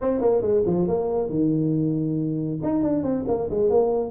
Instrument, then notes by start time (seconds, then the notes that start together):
tuba
0.01 C4
0.21 A#3
0.41 G#3
0.66 F3
0.87 A#3
1.29 D#3
2.63 D#4
2.82 D4
3.03 C4
3.27 A#3
3.50 G#3
3.70 A#3